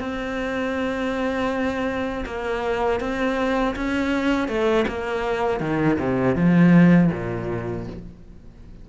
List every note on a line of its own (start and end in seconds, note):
0.00 2.25 C4
2.26 3.00 A#3
3.00 3.75 C4
3.76 4.48 C#4
4.48 4.86 A3
4.88 5.60 A#3
5.60 5.98 D#3
5.99 6.35 C3
6.35 7.10 F3
7.12 7.87 A#2